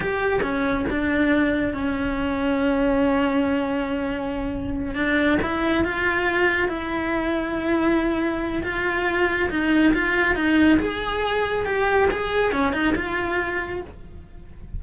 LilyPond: \new Staff \with { instrumentName = "cello" } { \time 4/4 \tempo 4 = 139 g'4 cis'4 d'2 | cis'1~ | cis'2.~ cis'8 d'8~ | d'8 e'4 f'2 e'8~ |
e'1 | f'2 dis'4 f'4 | dis'4 gis'2 g'4 | gis'4 cis'8 dis'8 f'2 | }